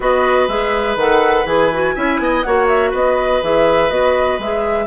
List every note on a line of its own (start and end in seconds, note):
0.00 0.47 B3
0.00 0.48 F#4
0.00 1.95 B4
0.00 0.48 D#5
0.47 0.96 G#3
0.47 0.97 G#4
0.47 0.96 E5
0.96 1.44 D#3
0.96 1.46 A4
0.96 1.46 F#5
1.44 1.93 E3
1.44 1.70 G#4
1.44 2.42 G#5
1.72 1.95 F#4
1.95 2.18 C#4
1.95 2.44 E4
1.95 2.19 E5
2.18 2.43 B3
2.18 2.46 D#5
2.42 2.92 A#3
2.42 3.42 F#4
2.42 2.90 C#5
2.42 2.66 F#5
2.67 2.92 E5
2.90 3.41 B3
2.90 4.85 B4
2.90 3.43 D#5
3.42 3.90 E3
3.42 3.89 G#4
3.42 3.90 E5
3.89 4.38 B3
3.89 4.38 F#4
3.89 4.39 D#5
4.38 4.86 G#3
4.38 4.86 G#4
4.38 4.86 E5